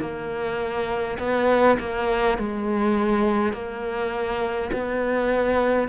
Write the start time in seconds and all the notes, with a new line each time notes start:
0.00 A#3
1.19 B3
1.79 A#3
2.37 G#3
3.52 A#3
4.73 B3